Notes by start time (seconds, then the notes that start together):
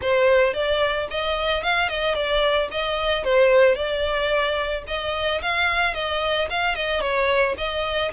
0.01 C5
0.53 D5
1.10 D#5
1.63 F5
1.88 D#5
2.14 D5
2.71 D#5
3.24 C5
3.75 D5
4.87 D#5
5.42 F5
5.94 D#5
6.50 F5
6.75 D#5
7.00 C#5
7.57 D#5